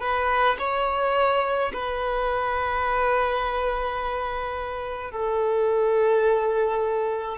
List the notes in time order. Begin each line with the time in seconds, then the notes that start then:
0.00 B4
0.58 C#5
1.73 B4
5.11 A4